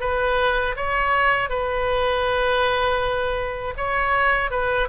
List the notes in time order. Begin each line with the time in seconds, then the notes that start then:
0.00 B4
0.76 C#5
1.49 B4
3.77 C#5
4.50 B4